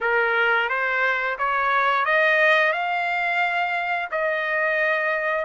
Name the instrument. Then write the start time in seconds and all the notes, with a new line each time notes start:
trumpet
0.00 A#4
0.69 C5
1.38 C#5
2.05 D#5
2.72 F5
4.11 D#5